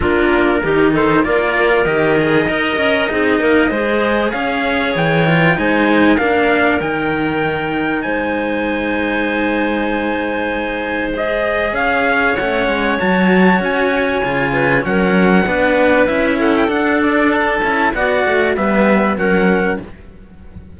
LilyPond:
<<
  \new Staff \with { instrumentName = "trumpet" } { \time 4/4 \tempo 4 = 97 ais'4. c''8 d''4 dis''4~ | dis''2. f''4 | g''4 gis''4 f''4 g''4~ | g''4 gis''2.~ |
gis''2 dis''4 f''4 | fis''4 a''4 gis''2 | fis''2 e''8 fis''16 g''16 fis''8 d''8 | a''4 fis''4 e''4 fis''4 | }
  \new Staff \with { instrumentName = "clarinet" } { \time 4/4 f'4 g'8 a'8 ais'2 | dis''4 gis'8 ais'8 c''4 cis''4~ | cis''4 c''4 ais'2~ | ais'4 c''2.~ |
c''2. cis''4~ | cis''2.~ cis''8 b'8 | ais'4 b'4. a'4.~ | a'4 d''4 b'4 ais'4 | }
  \new Staff \with { instrumentName = "cello" } { \time 4/4 d'4 dis'4 f'4 g'8 gis'8 | ais'4 dis'4 gis'2~ | gis'8 f'8 dis'4 d'4 dis'4~ | dis'1~ |
dis'2 gis'2 | cis'4 fis'2 f'4 | cis'4 d'4 e'4 d'4~ | d'8 e'8 fis'4 b4 cis'4 | }
  \new Staff \with { instrumentName = "cello" } { \time 4/4 ais4 dis4 ais4 dis4 | dis'8 cis'8 c'8 ais8 gis4 cis'4 | e4 gis4 ais4 dis4~ | dis4 gis2.~ |
gis2. cis'4 | a8 gis8 fis4 cis'4 cis4 | fis4 b4 cis'4 d'4~ | d'8 cis'8 b8 a8 g4 fis4 | }
>>